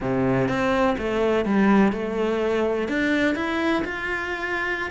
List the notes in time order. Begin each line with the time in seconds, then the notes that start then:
0.00 C3
0.48 C4
0.98 A3
1.45 G3
1.92 A3
2.88 D4
3.35 E4
3.84 F4